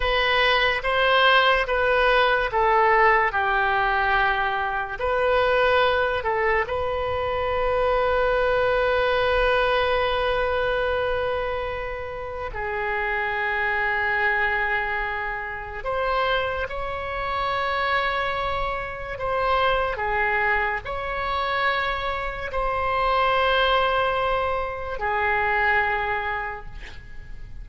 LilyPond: \new Staff \with { instrumentName = "oboe" } { \time 4/4 \tempo 4 = 72 b'4 c''4 b'4 a'4 | g'2 b'4. a'8 | b'1~ | b'2. gis'4~ |
gis'2. c''4 | cis''2. c''4 | gis'4 cis''2 c''4~ | c''2 gis'2 | }